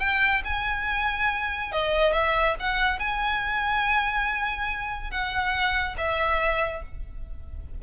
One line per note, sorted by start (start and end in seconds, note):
0.00 0.43 G5
0.45 1.72 G#5
1.72 2.13 D#5
2.13 2.56 E5
2.60 3.00 F#5
3.00 5.11 G#5
5.11 5.96 F#5
5.98 6.83 E5